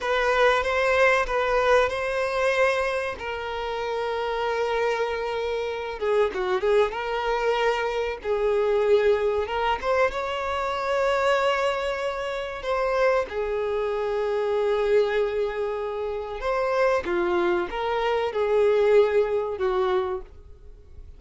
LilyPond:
\new Staff \with { instrumentName = "violin" } { \time 4/4 \tempo 4 = 95 b'4 c''4 b'4 c''4~ | c''4 ais'2.~ | ais'4. gis'8 fis'8 gis'8 ais'4~ | ais'4 gis'2 ais'8 c''8 |
cis''1 | c''4 gis'2.~ | gis'2 c''4 f'4 | ais'4 gis'2 fis'4 | }